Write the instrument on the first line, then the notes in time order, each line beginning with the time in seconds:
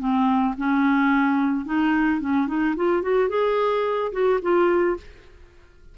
clarinet
0.00 C4
0.58 C#4
1.66 D#4
2.21 C#4
2.48 D#4
2.77 F4
3.03 F#4
3.30 G#4
4.13 F#4
4.42 F4